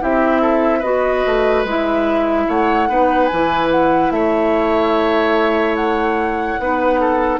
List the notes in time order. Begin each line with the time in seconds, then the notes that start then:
0.00 C4 E4 G4 E5
0.41 A4
0.79 B3 F#4 B4 D#5
1.26 A3
1.64 G#3 E4 E5
2.48 A3 C#5 F#5
2.89 B3 D#4 B4
3.26 E3 G#5
3.34 E4
3.71 F#5
4.11 A3 C#5 E5
5.75 F#5
6.59 B3 D#4 B4
7.00 A4